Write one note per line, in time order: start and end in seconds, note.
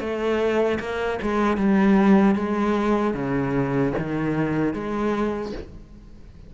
0.00 0.79 A3
0.79 1.19 A#3
1.22 1.57 G#3
1.57 2.35 G3
2.35 3.14 G#3
3.14 3.93 C#3
3.98 4.73 D#3
4.73 5.52 G#3